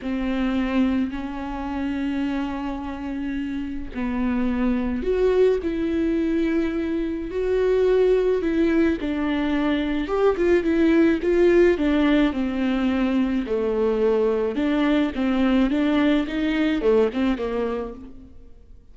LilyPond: \new Staff \with { instrumentName = "viola" } { \time 4/4 \tempo 4 = 107 c'2 cis'2~ | cis'2. b4~ | b4 fis'4 e'2~ | e'4 fis'2 e'4 |
d'2 g'8 f'8 e'4 | f'4 d'4 c'2 | a2 d'4 c'4 | d'4 dis'4 a8 c'8 ais4 | }